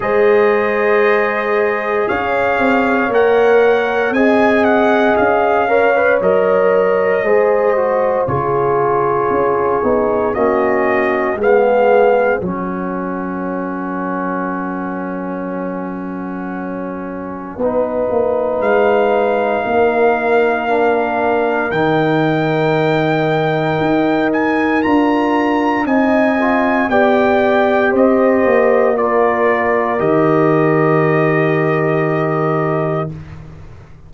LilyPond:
<<
  \new Staff \with { instrumentName = "trumpet" } { \time 4/4 \tempo 4 = 58 dis''2 f''4 fis''4 | gis''8 fis''8 f''4 dis''2 | cis''2 dis''4 f''4 | fis''1~ |
fis''2 f''2~ | f''4 g''2~ g''8 gis''8 | ais''4 gis''4 g''4 dis''4 | d''4 dis''2. | }
  \new Staff \with { instrumentName = "horn" } { \time 4/4 c''2 cis''2 | dis''4. cis''4. c''4 | gis'2 fis'4 gis'4 | ais'1~ |
ais'4 b'2 ais'4~ | ais'1~ | ais'4 dis''4 d''4 c''4 | ais'1 | }
  \new Staff \with { instrumentName = "trombone" } { \time 4/4 gis'2. ais'4 | gis'4. ais'16 b'16 ais'4 gis'8 fis'8 | f'4. dis'8 cis'4 b4 | cis'1~ |
cis'4 dis'2. | d'4 dis'2. | f'4 dis'8 f'8 g'2 | f'4 g'2. | }
  \new Staff \with { instrumentName = "tuba" } { \time 4/4 gis2 cis'8 c'8 ais4 | c'4 cis'4 fis4 gis4 | cis4 cis'8 b8 ais4 gis4 | fis1~ |
fis4 b8 ais8 gis4 ais4~ | ais4 dis2 dis'4 | d'4 c'4 b4 c'8 ais8~ | ais4 dis2. | }
>>